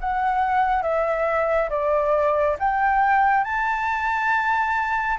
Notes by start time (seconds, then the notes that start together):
0.00 F#5
0.82 E5
1.70 D5
2.59 G5
3.43 A5